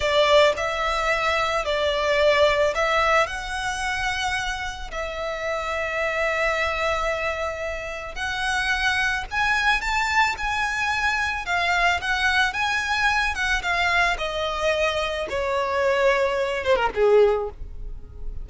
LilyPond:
\new Staff \with { instrumentName = "violin" } { \time 4/4 \tempo 4 = 110 d''4 e''2 d''4~ | d''4 e''4 fis''2~ | fis''4 e''2.~ | e''2. fis''4~ |
fis''4 gis''4 a''4 gis''4~ | gis''4 f''4 fis''4 gis''4~ | gis''8 fis''8 f''4 dis''2 | cis''2~ cis''8 c''16 ais'16 gis'4 | }